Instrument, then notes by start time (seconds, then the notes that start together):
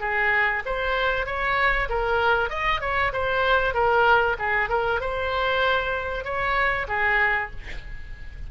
oboe
0.00 G#4
0.65 C5
1.26 C#5
1.89 A#4
2.49 D#5
2.80 C#5
3.13 C5
3.74 A#4
4.39 G#4
4.69 A#4
5.00 C5
6.24 C#5
6.88 G#4